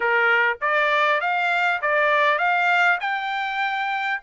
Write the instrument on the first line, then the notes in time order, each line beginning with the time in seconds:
trumpet
0.00 A#4
0.61 D5
1.20 F5
1.81 D5
2.38 F5
3.00 G5